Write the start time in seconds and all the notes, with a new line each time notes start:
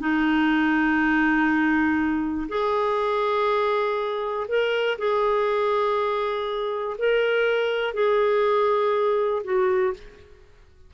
0.00 D#4
2.49 G#4
4.49 A#4
4.99 G#4
6.98 A#4
7.94 G#4
9.44 F#4